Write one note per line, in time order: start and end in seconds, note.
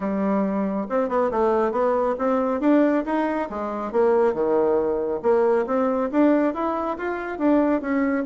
0.00 0.86 G3
0.89 1.08 C4
1.08 1.30 B3
1.31 1.71 A3
1.71 2.15 B3
2.18 2.60 C4
2.60 3.03 D4
3.05 3.49 D#4
3.49 3.92 G#3
3.92 4.33 A#3
4.33 5.20 D#3
5.22 5.65 A#3
5.66 6.09 C4
6.11 6.53 D4
6.53 6.97 E4
6.97 7.38 F4
7.38 7.81 D4
7.81 8.24 C#4